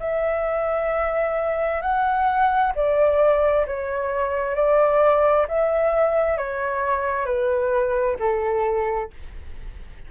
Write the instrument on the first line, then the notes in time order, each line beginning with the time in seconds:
flute
0.00 E5
1.82 F#5
2.76 D5
3.67 C#5
4.56 D5
5.48 E5
6.38 C#5
7.26 B4
8.20 A4